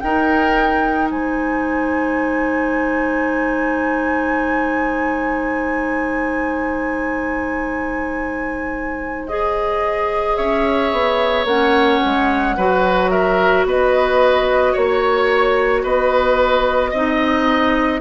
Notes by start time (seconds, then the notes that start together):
0.00 D#4 A#4 G5
1.11 G#3 C5 G#5
9.28 G#4 D#5
10.37 C#4 C#5 E5
10.92 B3
11.45 A#3 C#4 F#5
12.06 G#3
12.57 F#3 F#4 B4
13.10 A#4 E5
13.65 B3 B4 D#5
14.73 A#3 C#5
15.84 B3 B4 D#5
16.91 C4 D#4 D#5